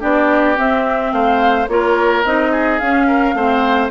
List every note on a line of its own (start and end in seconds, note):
0.00 0.58 B3
0.00 0.56 D4
0.00 1.11 G4
0.00 0.58 D5
0.56 1.67 C4
0.56 1.12 C4
0.56 1.12 E5
1.12 1.67 A3
1.12 1.69 C5
1.12 1.67 F5
1.67 2.23 A#3
1.67 2.24 F4
1.67 2.51 A#4
1.67 2.24 C#5
2.24 2.80 C4
2.24 2.80 D#4
2.24 2.79 D#5
2.51 3.06 G#4
2.79 3.33 C#4
2.79 3.35 C#4
2.79 3.90 F5
3.06 3.34 A#4
3.33 3.89 A3
3.33 3.90 C4
3.33 3.90 C5